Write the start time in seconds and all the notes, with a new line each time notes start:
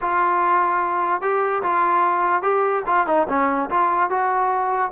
0.01 F4
1.21 G4
1.62 F4
2.42 G4
2.86 F4
3.06 D#4
3.28 C#4
3.70 F4
4.10 F#4